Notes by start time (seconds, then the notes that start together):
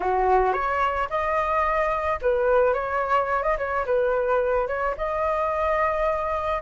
0.00 F#4
0.52 C#5
1.09 D#5
2.21 B4
2.73 C#5
3.43 D#5
3.57 C#5
3.85 B4
4.67 C#5
4.97 D#5